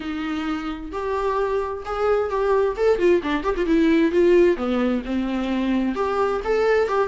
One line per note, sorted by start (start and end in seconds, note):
0.00 0.91 D#4
0.92 1.83 G4
1.85 2.30 G#4
2.30 2.76 G4
2.76 2.99 A4
2.99 3.21 F4
3.22 3.43 D4
3.43 3.55 G4
3.57 3.66 F4
3.66 4.11 E4
4.11 4.56 F4
4.56 5.02 B3
5.05 5.95 C4
5.95 6.40 G4
6.44 6.88 A4
6.88 7.07 G4